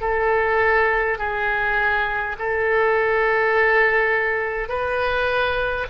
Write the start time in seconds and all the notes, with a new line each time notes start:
0.00 A4
1.18 G#4
2.39 A4
4.68 B4